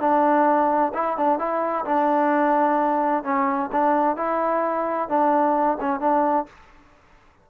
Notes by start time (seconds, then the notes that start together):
0.00 D4
0.94 E4
1.17 D4
1.39 E4
1.85 D4
3.24 C#4
3.72 D4
4.17 E4
5.09 D4
5.80 C#4
6.00 D4